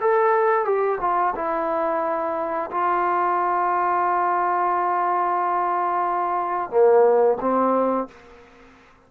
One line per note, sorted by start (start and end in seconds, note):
0.00 0.65 A4
0.65 0.98 G4
1.00 1.34 F4
1.35 2.70 E4
2.71 6.70 F4
6.70 7.38 A#3
7.40 8.07 C4